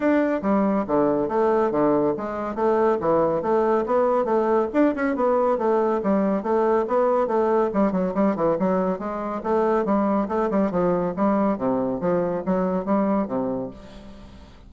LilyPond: \new Staff \with { instrumentName = "bassoon" } { \time 4/4 \tempo 4 = 140 d'4 g4 d4 a4 | d4 gis4 a4 e4 | a4 b4 a4 d'8 cis'8 | b4 a4 g4 a4 |
b4 a4 g8 fis8 g8 e8 | fis4 gis4 a4 g4 | a8 g8 f4 g4 c4 | f4 fis4 g4 c4 | }